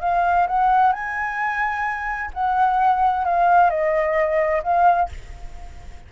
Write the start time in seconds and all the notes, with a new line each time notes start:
0.00 F5
0.47 F#5
0.92 G#5
2.33 F#5
3.24 F5
3.69 D#5
4.63 F5